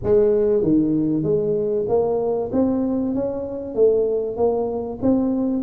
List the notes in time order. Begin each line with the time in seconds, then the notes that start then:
0.03 G#3
0.62 D#3
1.23 G#3
1.88 A#3
2.52 C4
3.14 C#4
3.74 A3
4.36 A#3
5.02 C4